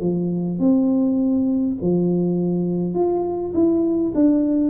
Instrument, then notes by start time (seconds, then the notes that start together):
tuba
0.00 F3
0.59 C4
1.81 F3
2.94 F4
3.53 E4
4.14 D4